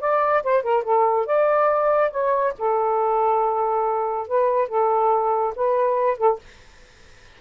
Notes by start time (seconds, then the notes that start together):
0.00 D5
0.43 C5
0.63 A#4
0.84 A4
1.26 D5
2.11 C#5
2.59 A4
4.28 B4
4.68 A4
5.56 B4
6.18 A4